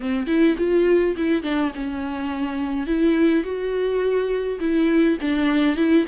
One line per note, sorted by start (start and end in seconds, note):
0.00 0.26 C4
0.26 0.55 E4
0.57 1.15 F4
1.16 1.42 E4
1.42 1.71 D4
1.74 2.87 C#4
2.87 3.43 E4
3.43 4.59 F#4
4.59 5.17 E4
5.21 5.76 D4
5.76 6.05 E4